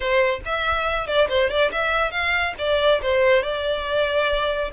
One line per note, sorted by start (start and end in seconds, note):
0.00 0.40 C5
0.45 1.06 E5
1.06 1.28 D5
1.28 1.50 C5
1.50 1.71 D5
1.71 2.11 E5
2.11 2.54 F5
2.58 3.01 D5
3.01 3.42 C5
3.42 4.71 D5